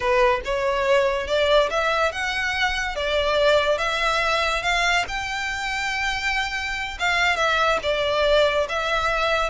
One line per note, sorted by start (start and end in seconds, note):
0.00 0.40 B4
0.45 1.27 C#5
1.27 1.69 D5
1.70 2.12 E5
2.12 2.95 F#5
2.95 3.78 D5
3.78 4.62 E5
4.62 5.05 F5
5.08 6.98 G5
6.99 7.36 F5
7.36 7.78 E5
7.82 8.67 D5
8.69 9.49 E5